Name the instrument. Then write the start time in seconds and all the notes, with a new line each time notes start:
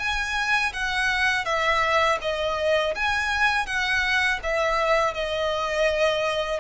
violin
0.00 G#5
0.74 F#5
1.46 E5
2.22 D#5
2.95 G#5
3.67 F#5
4.44 E5
5.15 D#5